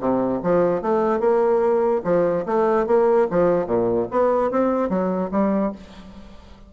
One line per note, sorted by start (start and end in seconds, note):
0.00 0.41 C3
0.43 0.81 F3
0.81 1.19 A3
1.19 2.01 A#3
2.04 2.45 F3
2.46 2.86 A3
2.86 3.27 A#3
3.30 3.66 F3
3.66 4.07 A#2
4.11 4.51 B3
4.51 4.89 C4
4.89 5.30 F#3
5.31 5.72 G3